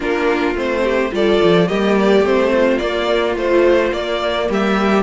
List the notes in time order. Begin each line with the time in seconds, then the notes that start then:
0.00 A#3 D4 F4 A#4
0.55 A3 C4 C5
0.83 G4
1.11 G3 F4 A4 D5
1.43 F3
1.68 G3 A#3 G4 D#5
1.99 D5
2.21 A3 C4 C5
2.51 F4
2.78 A#3 D5
3.35 F3 A3 C5
3.92 A#3 D5
4.49 G3 G4 E5